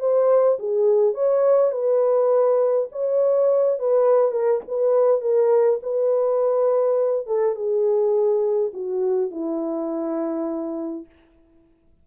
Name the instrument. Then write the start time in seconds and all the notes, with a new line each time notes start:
horn
0.00 C5
0.59 G#4
1.14 C#5
1.72 B4
2.92 C#5
3.79 B4
4.32 A#4
4.68 B4
5.21 A#4
5.83 B4
7.27 A4
7.56 G#4
8.74 F#4
9.31 E4